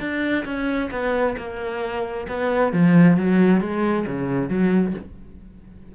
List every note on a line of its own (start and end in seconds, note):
0.00 0.45 D4
0.46 0.90 C#4
0.91 1.36 B3
1.38 2.27 A#3
2.28 2.73 B3
2.73 3.18 F3
3.18 3.61 F#3
3.61 4.06 G#3
4.07 4.49 C#3
4.49 4.94 F#3